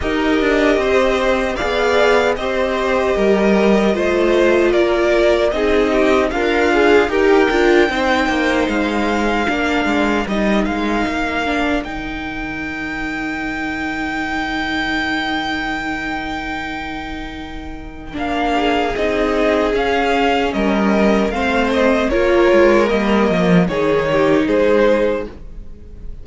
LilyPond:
<<
  \new Staff \with { instrumentName = "violin" } { \time 4/4 \tempo 4 = 76 dis''2 f''4 dis''4~ | dis''2 d''4 dis''4 | f''4 g''2 f''4~ | f''4 dis''8 f''4. g''4~ |
g''1~ | g''2. f''4 | dis''4 f''4 dis''4 f''8 dis''8 | cis''4 dis''4 cis''4 c''4 | }
  \new Staff \with { instrumentName = "violin" } { \time 4/4 ais'4 c''4 d''4 c''4 | ais'4 c''4 ais'4 gis'8 g'8 | f'4 ais'4 c''2 | ais'1~ |
ais'1~ | ais'2.~ ais'8 gis'8~ | gis'2 ais'4 c''4 | ais'2 gis'8 g'8 gis'4 | }
  \new Staff \with { instrumentName = "viola" } { \time 4/4 g'2 gis'4 g'4~ | g'4 f'2 dis'4 | ais'8 gis'8 g'8 f'8 dis'2 | d'4 dis'4. d'8 dis'4~ |
dis'1~ | dis'2. d'4 | dis'4 cis'2 c'4 | f'4 ais4 dis'2 | }
  \new Staff \with { instrumentName = "cello" } { \time 4/4 dis'8 d'8 c'4 b4 c'4 | g4 a4 ais4 c'4 | d'4 dis'8 d'8 c'8 ais8 gis4 | ais8 gis8 g8 gis8 ais4 dis4~ |
dis1~ | dis2. ais4 | c'4 cis'4 g4 a4 | ais8 gis8 g8 f8 dis4 gis4 | }
>>